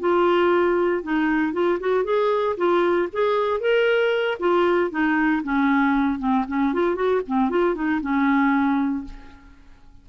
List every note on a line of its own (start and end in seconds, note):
0.00 1.03 F4
1.03 1.53 D#4
1.53 1.79 F4
1.80 2.05 F#4
2.05 2.57 G#4
2.57 3.09 F4
3.13 3.61 G#4
3.61 4.38 A#4
4.40 4.91 F4
4.91 5.43 D#4
5.44 6.19 C#4
6.19 6.45 C4
6.48 6.74 C#4
6.74 6.96 F4
6.96 7.22 F#4
7.28 7.50 C4
7.50 7.75 F4
7.75 8.01 D#4
8.01 9.05 C#4